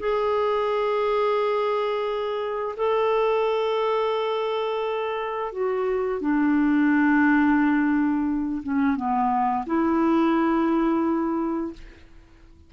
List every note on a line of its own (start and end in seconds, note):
0.00 2.76 G#4
2.77 5.53 A4
5.53 6.21 F#4
6.21 8.63 D4
8.64 8.97 C#4
8.97 9.66 B3
9.67 11.74 E4